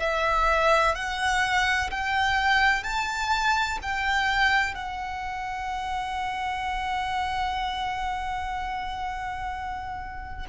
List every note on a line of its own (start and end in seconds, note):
0.00 0.95 E5
0.95 1.90 F#5
1.91 2.84 G5
2.84 3.79 A5
3.83 4.75 G5
4.75 10.46 F#5